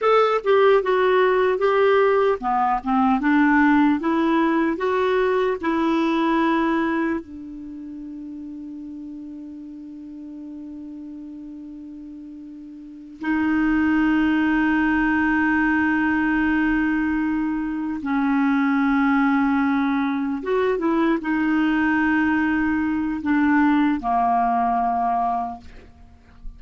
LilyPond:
\new Staff \with { instrumentName = "clarinet" } { \time 4/4 \tempo 4 = 75 a'8 g'8 fis'4 g'4 b8 c'8 | d'4 e'4 fis'4 e'4~ | e'4 d'2.~ | d'1~ |
d'8 dis'2.~ dis'8~ | dis'2~ dis'8 cis'4.~ | cis'4. fis'8 e'8 dis'4.~ | dis'4 d'4 ais2 | }